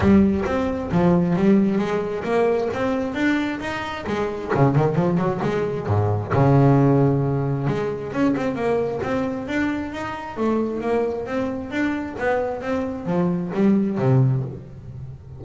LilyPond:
\new Staff \with { instrumentName = "double bass" } { \time 4/4 \tempo 4 = 133 g4 c'4 f4 g4 | gis4 ais4 c'4 d'4 | dis'4 gis4 cis8 dis8 f8 fis8 | gis4 gis,4 cis2~ |
cis4 gis4 cis'8 c'8 ais4 | c'4 d'4 dis'4 a4 | ais4 c'4 d'4 b4 | c'4 f4 g4 c4 | }